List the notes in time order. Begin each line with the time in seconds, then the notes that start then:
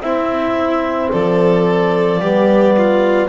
0.00 C4 E4 E5
1.11 F3 A4 D5
2.19 G3 B3 G4
2.77 F4